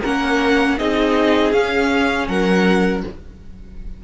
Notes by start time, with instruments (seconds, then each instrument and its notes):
0.00 cello A#3, viola C#4, violin A#4 F#5
0.78 cello C4, viola D#4, violin G#4 D#5
1.52 cello C#4, viola C#4, violin F5
2.28 cello F#3, violin A#4 F#5